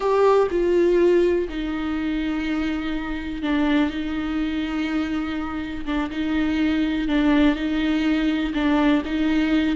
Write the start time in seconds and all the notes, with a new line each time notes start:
0.00 G4
0.50 F4
1.49 D#4
3.42 D4
3.90 D#4
5.85 D4
6.10 D#4
7.07 D4
7.55 D#4
8.53 D4
9.05 D#4